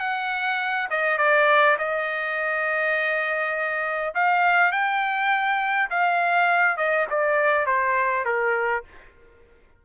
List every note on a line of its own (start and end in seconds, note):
0.00 0.88 F#5
0.91 1.18 D#5
1.18 1.77 D5
1.79 4.14 D#5
4.15 4.72 F5
4.72 5.90 G5
5.90 6.77 F5
6.77 7.06 D#5
7.10 7.66 D5
7.66 8.25 C5
8.25 8.84 A#4